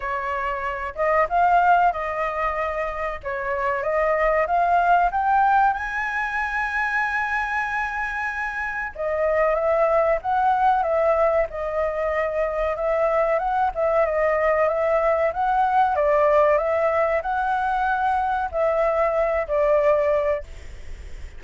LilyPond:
\new Staff \with { instrumentName = "flute" } { \time 4/4 \tempo 4 = 94 cis''4. dis''8 f''4 dis''4~ | dis''4 cis''4 dis''4 f''4 | g''4 gis''2.~ | gis''2 dis''4 e''4 |
fis''4 e''4 dis''2 | e''4 fis''8 e''8 dis''4 e''4 | fis''4 d''4 e''4 fis''4~ | fis''4 e''4. d''4. | }